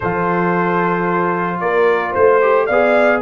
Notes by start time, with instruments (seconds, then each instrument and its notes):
0.00 tuba F3, trombone F4, horn A4, trumpet C5
1.60 tuba A#3, horn A#4, trumpet D5
2.11 tuba A3, horn C5, trumpet C5
2.41 trombone G4
2.66 tuba B3, trombone G#4, horn D5, trumpet F5